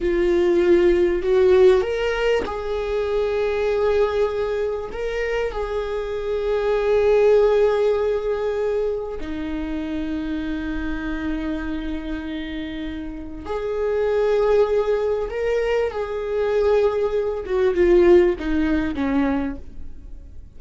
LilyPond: \new Staff \with { instrumentName = "viola" } { \time 4/4 \tempo 4 = 98 f'2 fis'4 ais'4 | gis'1 | ais'4 gis'2.~ | gis'2. dis'4~ |
dis'1~ | dis'2 gis'2~ | gis'4 ais'4 gis'2~ | gis'8 fis'8 f'4 dis'4 cis'4 | }